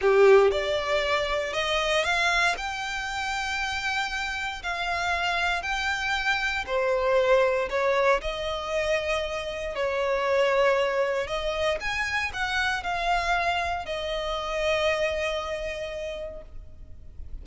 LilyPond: \new Staff \with { instrumentName = "violin" } { \time 4/4 \tempo 4 = 117 g'4 d''2 dis''4 | f''4 g''2.~ | g''4 f''2 g''4~ | g''4 c''2 cis''4 |
dis''2. cis''4~ | cis''2 dis''4 gis''4 | fis''4 f''2 dis''4~ | dis''1 | }